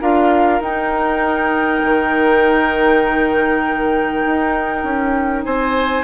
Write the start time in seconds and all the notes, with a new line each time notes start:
0.00 D4 F4 A#4 F5
0.60 D#4 G5
1.83 D#3
4.26 D#4
4.83 C#4
5.44 C4 C5 G#5